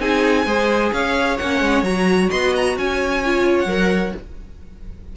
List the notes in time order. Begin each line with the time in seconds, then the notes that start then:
0.00 C4 D#4 G#4 G#5
0.46 G#3 G#4 C5
0.93 C#4 C#5 F5
1.38 A#3 C#4 F#5
1.61 G#3
1.83 F#3 F#4 A#5
2.30 B3 D#5 C6
2.56 A#5
2.77 C#4 C#5 G#5
3.25 F4
3.59 F#5
3.66 F#3 A#4